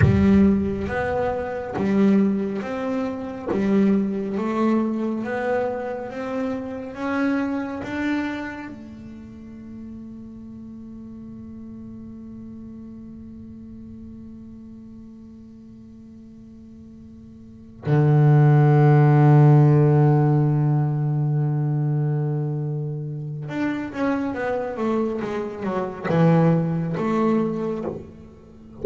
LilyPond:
\new Staff \with { instrumentName = "double bass" } { \time 4/4 \tempo 4 = 69 g4 b4 g4 c'4 | g4 a4 b4 c'4 | cis'4 d'4 a2~ | a1~ |
a1~ | a8 d2.~ d8~ | d2. d'8 cis'8 | b8 a8 gis8 fis8 e4 a4 | }